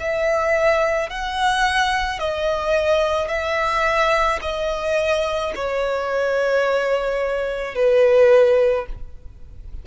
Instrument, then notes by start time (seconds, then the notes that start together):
violin
0.00 E5
1.10 F#5
2.20 D#5
3.28 E5
4.42 D#5
5.56 C#5
7.75 B4